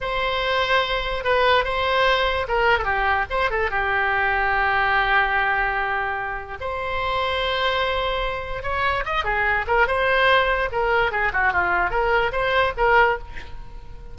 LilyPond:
\new Staff \with { instrumentName = "oboe" } { \time 4/4 \tempo 4 = 146 c''2. b'4 | c''2 ais'8. a'16 g'4 | c''8 a'8 g'2.~ | g'1 |
c''1~ | c''4 cis''4 dis''8 gis'4 ais'8 | c''2 ais'4 gis'8 fis'8 | f'4 ais'4 c''4 ais'4 | }